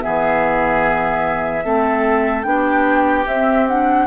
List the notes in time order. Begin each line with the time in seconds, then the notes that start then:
0.00 E3 B3 G#4 E5
1.63 A3 C4 A4
2.43 B3 D4 G4 G5
3.27 C4 E5
3.68 D4 F#5